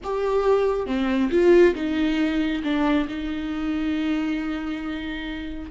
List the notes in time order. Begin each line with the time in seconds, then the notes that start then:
0.03 G4
0.86 C4
1.30 F4
1.74 D#4
2.63 D4
3.08 D#4